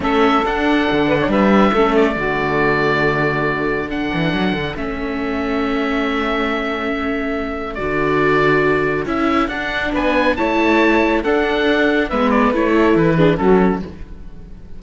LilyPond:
<<
  \new Staff \with { instrumentName = "oboe" } { \time 4/4 \tempo 4 = 139 e''4 fis''2 e''4~ | e''8 d''2.~ d''8~ | d''4 fis''2 e''4~ | e''1~ |
e''2 d''2~ | d''4 e''4 fis''4 gis''4 | a''2 fis''2 | e''8 d''8 cis''4 b'4 a'4 | }
  \new Staff \with { instrumentName = "saxophone" } { \time 4/4 a'2~ a'8 b'16 cis''16 b'4 | a'4 fis'2.~ | fis'4 a'2.~ | a'1~ |
a'1~ | a'2. b'4 | cis''2 a'2 | b'4. a'4 gis'8 fis'4 | }
  \new Staff \with { instrumentName = "viola" } { \time 4/4 cis'4 d'2. | cis'4 a2.~ | a4 d'2 cis'4~ | cis'1~ |
cis'2 fis'2~ | fis'4 e'4 d'2 | e'2 d'2 | b4 e'4. d'8 cis'4 | }
  \new Staff \with { instrumentName = "cello" } { \time 4/4 a4 d'4 d4 g4 | a4 d2.~ | d4. e8 fis8 d8 a4~ | a1~ |
a2 d2~ | d4 cis'4 d'4 b4 | a2 d'2 | gis4 a4 e4 fis4 | }
>>